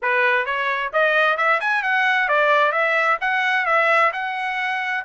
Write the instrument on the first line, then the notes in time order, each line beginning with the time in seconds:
trumpet
0.01 B4
0.45 C#5
0.92 D#5
1.37 E5
1.60 G#5
1.83 F#5
2.28 D5
2.71 E5
3.20 F#5
3.65 E5
4.13 F#5